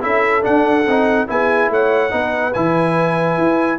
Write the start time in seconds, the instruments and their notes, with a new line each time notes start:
0.00 tuba C#4, trombone E4, horn A4, trumpet E5
0.42 trombone D4, tuba D4, trumpet F#5
0.86 tuba C4, trombone D#4
1.27 tuba B3, trombone E4, horn G#4, trumpet G#5
1.70 tuba A3, horn C#5, trumpet F#5
2.10 tuba B3, trombone D#4, horn B4
2.53 tuba E3, trombone E4, trumpet G#5
3.38 tuba E4